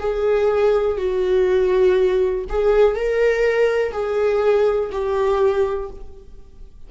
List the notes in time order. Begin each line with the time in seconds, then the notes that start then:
0.00 G#4
0.97 F#4
2.49 G#4
2.95 A#4
3.93 G#4
4.92 G4